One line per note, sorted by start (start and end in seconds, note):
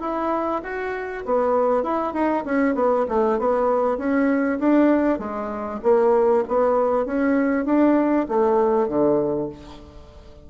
0.00 0.61 E4
0.63 1.24 F#4
1.25 1.83 B3
1.83 2.13 E4
2.13 2.44 D#4
2.45 2.75 C#4
2.75 3.05 B3
3.08 3.38 A3
3.38 3.97 B3
3.97 4.58 C#4
4.59 5.18 D4
5.18 5.80 G#3
5.82 6.44 A#3
6.48 7.05 B3
7.05 7.65 C#4
7.65 8.26 D4
8.28 8.87 A3
8.87 9.49 D3